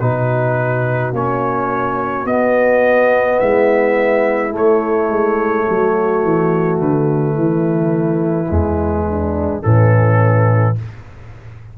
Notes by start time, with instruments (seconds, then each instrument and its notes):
0.00 tuba B2, trombone D#4, horn F#4, trumpet B4
1.13 tuba A#3, trombone C#4, trumpet C#5
2.25 tuba B3, trombone B3, trumpet D#5
3.40 tuba G#3, horn E4, trumpet E5
4.49 trombone A3, tuba A3
4.57 trumpet C#5
5.09 tuba G#3
5.67 tuba F#3, horn F#4
6.23 tuba E3
6.80 tuba D3, trumpet B4
7.36 tuba E3, horn E4
8.50 tuba E2, trombone G#3
9.09 horn D4
9.62 tuba A2, trombone E3, horn C#4, trumpet A4